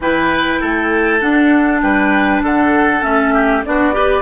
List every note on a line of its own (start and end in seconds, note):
0.00 0.59 E3
0.00 1.21 E4
0.00 0.60 B4
0.00 1.20 G5
0.60 1.21 A3
0.60 1.81 A4
1.20 3.02 D4
1.20 1.82 D4
1.20 1.80 F#5
1.81 2.42 G3
1.81 2.43 B4
1.81 2.42 G5
2.42 3.02 D3
2.42 3.33 A4
2.42 3.03 F#5
3.02 3.64 A3
3.02 3.62 C#4
3.02 3.64 E5
3.33 3.64 G4
3.65 4.21 B3
3.65 3.93 D4
3.65 3.95 F#4
3.65 4.21 D5
3.93 4.21 G4
3.93 4.21 B4